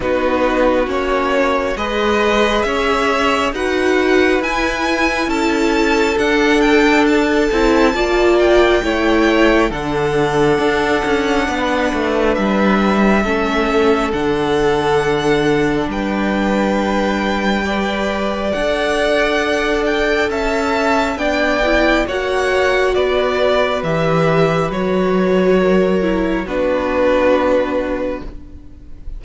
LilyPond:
<<
  \new Staff \with { instrumentName = "violin" } { \time 4/4 \tempo 4 = 68 b'4 cis''4 dis''4 e''4 | fis''4 gis''4 a''4 fis''8 g''8 | a''4. g''4. fis''4~ | fis''2 e''2 |
fis''2 g''2~ | g''4 fis''4. g''8 a''4 | g''4 fis''4 d''4 e''4 | cis''2 b'2 | }
  \new Staff \with { instrumentName = "violin" } { \time 4/4 fis'2 b'4 cis''4 | b'2 a'2~ | a'4 d''4 cis''4 a'4~ | a'4 b'2 a'4~ |
a'2 b'2 | d''2. e''4 | d''4 cis''4 b'2~ | b'4 ais'4 fis'2 | }
  \new Staff \with { instrumentName = "viola" } { \time 4/4 dis'4 cis'4 gis'2 | fis'4 e'2 d'4~ | d'8 e'8 f'4 e'4 d'4~ | d'2. cis'4 |
d'1 | b'4 a'2. | d'8 e'8 fis'2 g'4 | fis'4. e'8 d'2 | }
  \new Staff \with { instrumentName = "cello" } { \time 4/4 b4 ais4 gis4 cis'4 | dis'4 e'4 cis'4 d'4~ | d'8 c'8 ais4 a4 d4 | d'8 cis'8 b8 a8 g4 a4 |
d2 g2~ | g4 d'2 cis'4 | b4 ais4 b4 e4 | fis2 b2 | }
>>